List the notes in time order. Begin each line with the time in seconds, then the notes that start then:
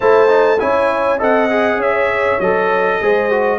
0.00 A3 E4 C5 A5
0.28 D#4
0.59 C#4 E4 C#5 G#5
1.18 C4 A4 D#5 F#5
1.49 G#4
1.76 C#4 C#5 E5
2.40 F#3 A4 D#5
3.01 G#3 G#4 C5
3.30 F#4